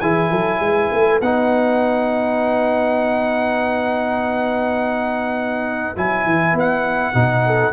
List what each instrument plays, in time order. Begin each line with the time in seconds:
0.00 tuba E3, trombone E4, horn G#4, trumpet G#5
0.30 tuba F#3, horn A4
0.59 tuba G#3, horn B4
0.91 tuba A3
1.21 tuba B3, trombone D#4, trumpet F#5
5.95 tuba F#3, trombone E4, trumpet G#5
6.24 tuba E3
6.53 tuba B3, trumpet F#5
7.14 tuba B2, trombone D#4
7.45 horn A4